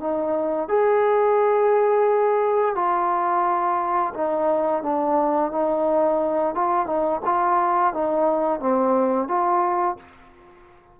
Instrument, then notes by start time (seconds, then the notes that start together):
trombone
0.00 D#4
0.68 G#4
2.75 F4
4.14 D#4
4.82 D4
5.51 D#4
6.54 F4
6.86 D#4
7.25 F4
7.93 D#4
8.60 C4
9.28 F4